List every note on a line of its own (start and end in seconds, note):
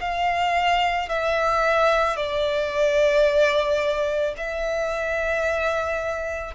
0.00 1.09 F5
1.09 2.16 E5
2.16 4.34 D5
4.37 6.54 E5